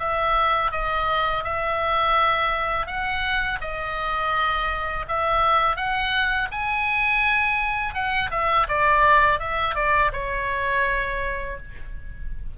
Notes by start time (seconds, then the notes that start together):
0.00 E5
0.72 D#5
1.44 E5
2.87 F#5
3.61 D#5
5.09 E5
5.76 F#5
6.52 G#5
7.94 F#5
8.31 E5
8.68 D5
9.40 E5
9.76 D5
10.13 C#5